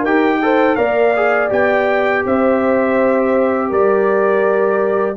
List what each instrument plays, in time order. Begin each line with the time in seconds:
0.00 tuba D#4, trombone G4, horn A#4, trumpet G5
0.42 trombone A4, horn C5
0.75 tuba A#3, trombone A#4, horn D5, trumpet F5
1.16 trombone G#4
1.49 tuba B3, trombone G4, trumpet G5
2.25 tuba C4, horn C5, trumpet E5
3.69 tuba G3, horn A#4, trumpet D5